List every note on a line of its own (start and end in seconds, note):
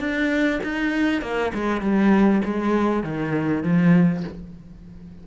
0.00 0.61 D4
0.64 1.22 D#4
1.22 1.52 A#3
1.55 1.82 G#3
1.82 2.42 G3
2.45 3.04 G#3
3.04 3.63 D#3
3.63 4.24 F3